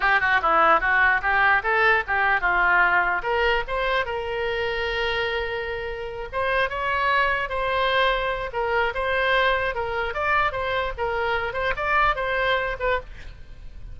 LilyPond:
\new Staff \with { instrumentName = "oboe" } { \time 4/4 \tempo 4 = 148 g'8 fis'8 e'4 fis'4 g'4 | a'4 g'4 f'2 | ais'4 c''4 ais'2~ | ais'2.~ ais'8 c''8~ |
c''8 cis''2 c''4.~ | c''4 ais'4 c''2 | ais'4 d''4 c''4 ais'4~ | ais'8 c''8 d''4 c''4. b'8 | }